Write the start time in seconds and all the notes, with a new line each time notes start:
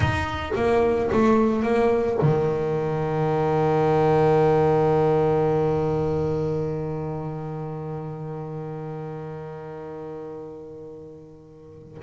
0.00 D#4
0.55 A#3
1.12 A3
1.62 A#3
2.21 D#3